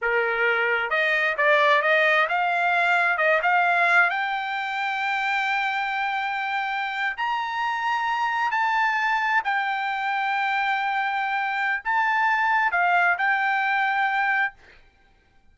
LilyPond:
\new Staff \with { instrumentName = "trumpet" } { \time 4/4 \tempo 4 = 132 ais'2 dis''4 d''4 | dis''4 f''2 dis''8 f''8~ | f''4 g''2.~ | g''2.~ g''8. ais''16~ |
ais''2~ ais''8. a''4~ a''16~ | a''8. g''2.~ g''16~ | g''2 a''2 | f''4 g''2. | }